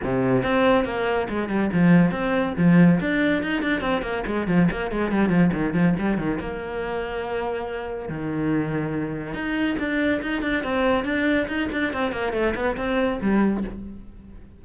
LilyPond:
\new Staff \with { instrumentName = "cello" } { \time 4/4 \tempo 4 = 141 c4 c'4 ais4 gis8 g8 | f4 c'4 f4 d'4 | dis'8 d'8 c'8 ais8 gis8 f8 ais8 gis8 | g8 f8 dis8 f8 g8 dis8 ais4~ |
ais2. dis4~ | dis2 dis'4 d'4 | dis'8 d'8 c'4 d'4 dis'8 d'8 | c'8 ais8 a8 b8 c'4 g4 | }